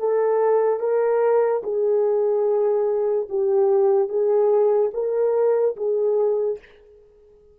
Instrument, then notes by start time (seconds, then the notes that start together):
horn
0.00 A4
0.80 A#4
1.64 G#4
3.30 G4
4.09 G#4
4.94 A#4
5.77 G#4